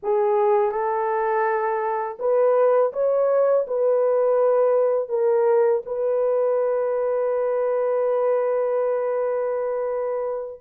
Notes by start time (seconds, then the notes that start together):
0.03 G#4
0.72 A4
2.19 B4
2.93 C#5
3.67 B4
5.09 A#4
5.85 B4